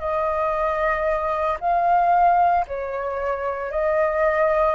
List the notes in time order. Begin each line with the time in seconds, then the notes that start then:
0.00 D#5
1.61 F5
2.68 C#5
3.71 D#5